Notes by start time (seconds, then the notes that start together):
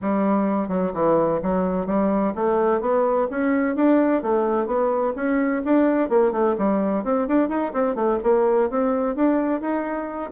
0.01 G3
0.68 F#3
0.93 E3
1.42 F#3
1.86 G3
2.35 A3
2.80 B3
3.30 C#4
3.75 D4
4.22 A3
4.66 B3
5.15 C#4
5.64 D4
6.09 A#3
6.32 A3
6.58 G3
7.04 C4
7.27 D4
7.49 D#4
7.73 C4
7.95 A3
8.23 A#3
8.70 C4
9.15 D4
9.60 D#4